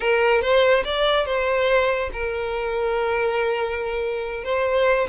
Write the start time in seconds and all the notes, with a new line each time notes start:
0.00 A#4
0.41 C5
0.84 D5
1.25 C5
2.12 A#4
4.44 C5